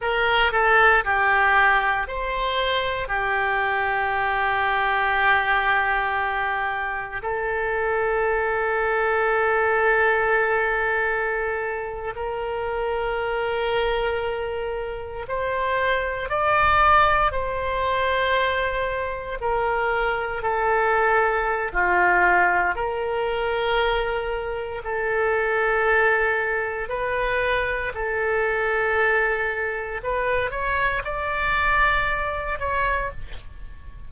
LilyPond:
\new Staff \with { instrumentName = "oboe" } { \time 4/4 \tempo 4 = 58 ais'8 a'8 g'4 c''4 g'4~ | g'2. a'4~ | a'2.~ a'8. ais'16~ | ais'2~ ais'8. c''4 d''16~ |
d''8. c''2 ais'4 a'16~ | a'4 f'4 ais'2 | a'2 b'4 a'4~ | a'4 b'8 cis''8 d''4. cis''8 | }